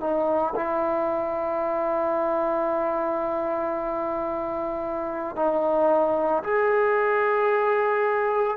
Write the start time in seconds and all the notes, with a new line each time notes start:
0.00 D#4
0.56 E4
5.36 D#4
6.44 G#4